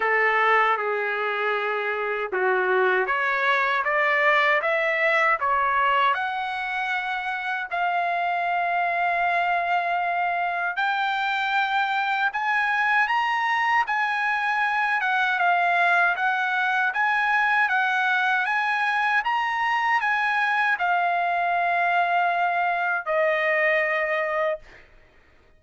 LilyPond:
\new Staff \with { instrumentName = "trumpet" } { \time 4/4 \tempo 4 = 78 a'4 gis'2 fis'4 | cis''4 d''4 e''4 cis''4 | fis''2 f''2~ | f''2 g''2 |
gis''4 ais''4 gis''4. fis''8 | f''4 fis''4 gis''4 fis''4 | gis''4 ais''4 gis''4 f''4~ | f''2 dis''2 | }